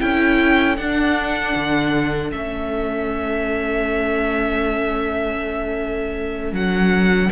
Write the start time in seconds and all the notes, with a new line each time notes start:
0.00 C#4 E4 A4 G5
0.77 D4 F#5
1.55 D3
2.32 A3 C#4 E5
6.53 F#3 F#5